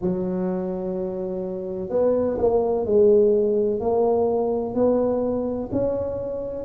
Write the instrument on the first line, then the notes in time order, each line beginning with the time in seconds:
tuba
0.01 F#3
1.89 B3
2.38 A#3
2.85 G#3
3.80 A#3
4.74 B3
5.71 C#4